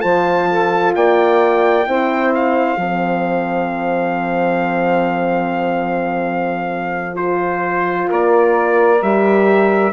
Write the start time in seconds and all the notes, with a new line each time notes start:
0.00 F3 F4 C5 A5
0.50 A4
0.95 A#3 D5 G5
1.87 C4 E4 C5
2.35 F5
2.77 F3 C4 A4
7.15 F4 C5
8.09 A#3 A#4 D5
9.02 G3 G4 E5